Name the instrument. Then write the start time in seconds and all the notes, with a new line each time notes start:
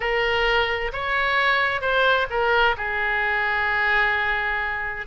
oboe
0.00 A#4
0.92 C#5
1.81 C5
2.29 A#4
2.77 G#4